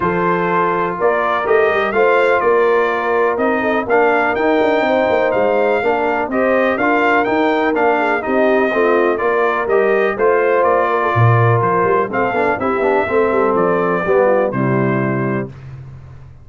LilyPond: <<
  \new Staff \with { instrumentName = "trumpet" } { \time 4/4 \tempo 4 = 124 c''2 d''4 dis''4 | f''4 d''2 dis''4 | f''4 g''2 f''4~ | f''4 dis''4 f''4 g''4 |
f''4 dis''2 d''4 | dis''4 c''4 d''2 | c''4 f''4 e''2 | d''2 c''2 | }
  \new Staff \with { instrumentName = "horn" } { \time 4/4 a'2 ais'2 | c''4 ais'2~ ais'8 a'8 | ais'2 c''2 | ais'4 c''4 ais'2~ |
ais'8 gis'8 g'4 f'4 ais'4~ | ais'4 c''4. ais'16 a'16 ais'4~ | ais'4 a'4 g'4 a'4~ | a'4 g'8 f'8 e'2 | }
  \new Staff \with { instrumentName = "trombone" } { \time 4/4 f'2. g'4 | f'2. dis'4 | d'4 dis'2. | d'4 g'4 f'4 dis'4 |
d'4 dis'4 c'4 f'4 | g'4 f'2.~ | f'4 c'8 d'8 e'8 d'8 c'4~ | c'4 b4 g2 | }
  \new Staff \with { instrumentName = "tuba" } { \time 4/4 f2 ais4 a8 g8 | a4 ais2 c'4 | ais4 dis'8 d'8 c'8 ais8 gis4 | ais4 c'4 d'4 dis'4 |
ais4 c'4 a4 ais4 | g4 a4 ais4 ais,4 | f8 g8 a8 b8 c'8 b8 a8 g8 | f4 g4 c2 | }
>>